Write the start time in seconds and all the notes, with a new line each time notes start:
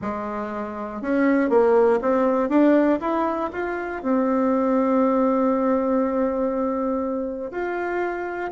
0.01 G#3
1.01 C#4
1.49 A#3
2.01 C4
2.49 D4
3.00 E4
3.52 F4
4.02 C4
7.51 F4